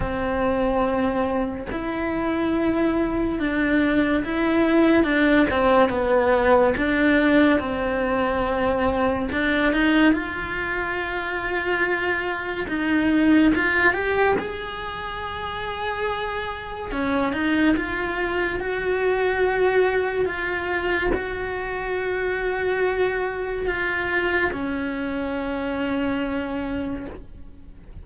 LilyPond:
\new Staff \with { instrumentName = "cello" } { \time 4/4 \tempo 4 = 71 c'2 e'2 | d'4 e'4 d'8 c'8 b4 | d'4 c'2 d'8 dis'8 | f'2. dis'4 |
f'8 g'8 gis'2. | cis'8 dis'8 f'4 fis'2 | f'4 fis'2. | f'4 cis'2. | }